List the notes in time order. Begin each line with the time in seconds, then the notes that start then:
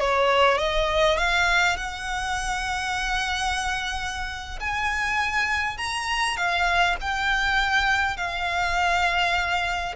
0.00 C#5
0.59 D#5
1.18 F5
1.77 F#5
4.60 G#5
5.78 A#5
6.37 F5
7.01 G5
8.17 F5